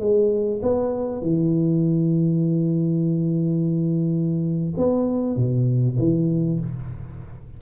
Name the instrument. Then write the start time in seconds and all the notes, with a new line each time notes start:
tuba
0.00 G#3
0.62 B3
1.22 E3
4.77 B3
5.37 B2
5.99 E3